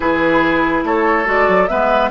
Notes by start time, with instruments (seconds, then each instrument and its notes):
0.00 bassoon E3, clarinet E4, oboe G#4, flute B4
0.83 bassoon A3, oboe A4, flute C#5
1.25 bassoon G#3, clarinet F#4, flute D5
1.47 bassoon F#3
1.67 bassoon G#3, clarinet B3, oboe B4, flute E5